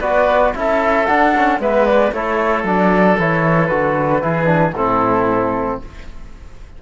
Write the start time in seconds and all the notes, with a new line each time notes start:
0.00 B3 F#4 B4 D5
0.54 C#4 E4 A4 E5
1.06 D4 F#5
1.37 C#4
1.59 G#3 B3 B4 E5
1.86 D5
2.12 A3 E4 A4 C#5
2.64 F#3 D4 D5
3.19 E3 E4 C#5
3.66 D3 F#4 B4
4.21 E3 E4 G#4
4.45 D4
4.73 A2 C4 E4 A4